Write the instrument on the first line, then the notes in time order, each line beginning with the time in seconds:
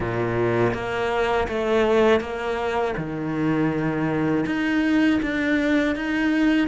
cello
0.00 A#2
0.73 A#3
1.48 A3
2.20 A#3
2.97 D#3
4.46 D#4
5.22 D4
5.95 D#4